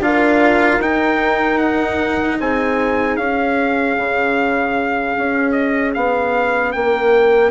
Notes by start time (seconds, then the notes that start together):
0.00 D4 F4 A#4 F5
0.79 D#4 G5
1.58 F#5
2.40 C4 G#4 G#5
3.16 C#4 F5
3.97 C#3
5.17 C#4
5.52 D#5
5.94 B3 F5
6.72 A#3 A#4 G5